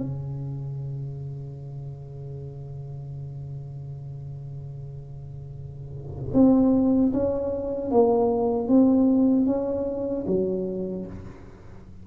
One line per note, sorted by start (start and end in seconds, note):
0.00 6.32 C#3
6.34 7.13 C4
7.13 7.91 C#4
7.91 8.68 A#3
8.68 9.46 C4
9.46 10.25 C#4
10.27 11.06 F#3